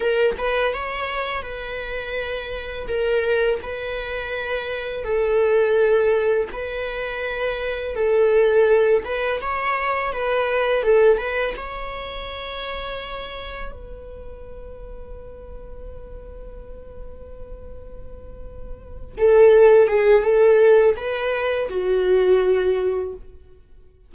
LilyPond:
\new Staff \with { instrumentName = "viola" } { \time 4/4 \tempo 4 = 83 ais'8 b'8 cis''4 b'2 | ais'4 b'2 a'4~ | a'4 b'2 a'4~ | a'8 b'8 cis''4 b'4 a'8 b'8 |
cis''2. b'4~ | b'1~ | b'2~ b'8 a'4 gis'8 | a'4 b'4 fis'2 | }